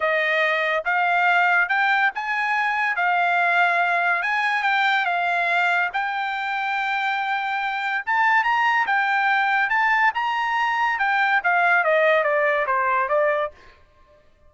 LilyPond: \new Staff \with { instrumentName = "trumpet" } { \time 4/4 \tempo 4 = 142 dis''2 f''2 | g''4 gis''2 f''4~ | f''2 gis''4 g''4 | f''2 g''2~ |
g''2. a''4 | ais''4 g''2 a''4 | ais''2 g''4 f''4 | dis''4 d''4 c''4 d''4 | }